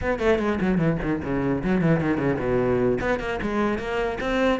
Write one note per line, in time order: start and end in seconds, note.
0.01 0.19 B3
0.19 0.38 A3
0.38 0.58 G#3
0.60 0.77 F#3
0.77 0.97 E3
1.01 1.21 D#3
1.23 1.63 C#3
1.63 1.81 F#3
1.81 2.00 E3
2.00 2.17 D#3
2.17 2.37 C#3
2.38 2.98 B2
3.00 3.19 B3
3.19 3.39 A#3
3.42 3.78 G#3
3.78 4.18 A#3
4.20 4.60 C4